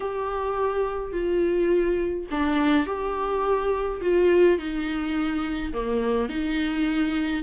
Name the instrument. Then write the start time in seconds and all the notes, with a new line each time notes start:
viola
0.00 G4
1.12 F4
2.30 D4
2.86 G4
4.01 F4
4.58 D#4
5.73 A#3
6.29 D#4